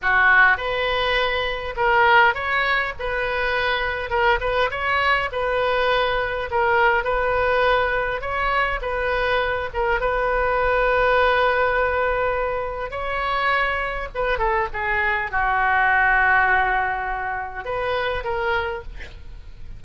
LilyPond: \new Staff \with { instrumentName = "oboe" } { \time 4/4 \tempo 4 = 102 fis'4 b'2 ais'4 | cis''4 b'2 ais'8 b'8 | cis''4 b'2 ais'4 | b'2 cis''4 b'4~ |
b'8 ais'8 b'2.~ | b'2 cis''2 | b'8 a'8 gis'4 fis'2~ | fis'2 b'4 ais'4 | }